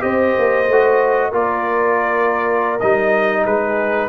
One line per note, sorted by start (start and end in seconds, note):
0.00 0.35 C4
0.00 0.65 G4
0.00 1.30 C5
0.00 1.32 D#5
0.38 0.68 A#3
0.68 1.33 A3
0.68 1.32 F#4
1.30 2.79 A#3
1.30 2.79 F4
1.30 3.42 A#4
1.30 2.79 D5
2.79 3.46 G3
2.79 4.09 D#4
2.79 3.45 D#5
3.43 4.09 G#3
3.43 4.08 G#4
3.43 4.09 B4